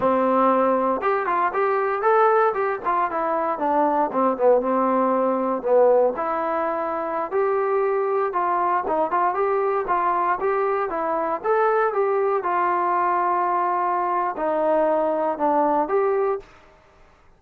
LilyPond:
\new Staff \with { instrumentName = "trombone" } { \time 4/4 \tempo 4 = 117 c'2 g'8 f'8 g'4 | a'4 g'8 f'8 e'4 d'4 | c'8 b8 c'2 b4 | e'2~ e'16 g'4.~ g'16~ |
g'16 f'4 dis'8 f'8 g'4 f'8.~ | f'16 g'4 e'4 a'4 g'8.~ | g'16 f'2.~ f'8. | dis'2 d'4 g'4 | }